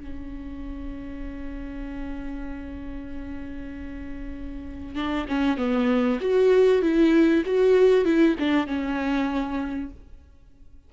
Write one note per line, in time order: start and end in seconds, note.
0.00 4.95 C#4
4.95 5.26 D4
5.27 5.57 C#4
5.57 6.19 B3
6.20 6.82 F#4
6.82 7.43 E4
7.45 8.04 F#4
8.04 8.35 E4
8.39 8.66 D4
8.66 9.90 C#4